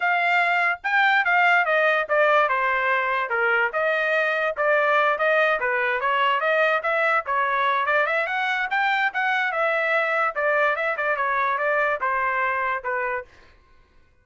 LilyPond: \new Staff \with { instrumentName = "trumpet" } { \time 4/4 \tempo 4 = 145 f''2 g''4 f''4 | dis''4 d''4 c''2 | ais'4 dis''2 d''4~ | d''8 dis''4 b'4 cis''4 dis''8~ |
dis''8 e''4 cis''4. d''8 e''8 | fis''4 g''4 fis''4 e''4~ | e''4 d''4 e''8 d''8 cis''4 | d''4 c''2 b'4 | }